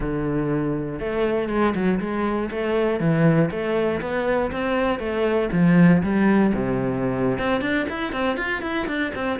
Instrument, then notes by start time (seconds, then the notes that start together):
cello
0.00 D3
0.99 A3
1.48 G#3
1.74 F#3
2.00 G#3
2.50 A3
3.00 E3
3.50 A3
4.01 B3
4.51 C4
4.99 A3
5.52 F3
6.02 G3
6.54 C3
7.38 C4
7.61 D4
7.89 E4
8.12 C4
8.36 F4
8.61 E4
8.87 D4
9.14 C4